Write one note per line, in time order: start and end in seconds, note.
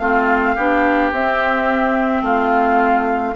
0.00 0.56 A3
0.00 0.57 C4
0.00 0.56 F4
0.00 1.11 F5
0.56 1.12 B3
0.56 1.14 D4
0.56 2.23 G4
1.12 2.22 C4
1.12 3.36 C4
1.12 2.25 E5
2.22 3.33 A3
2.22 3.35 F4
2.22 3.36 F5